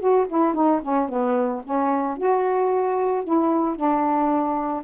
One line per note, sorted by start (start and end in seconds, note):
0.00 0.27 F#4
0.29 0.55 E4
0.55 0.81 D#4
0.83 1.09 C#4
1.09 1.63 B3
1.64 2.18 C#4
2.18 3.24 F#4
3.24 3.76 E4
3.76 4.84 D4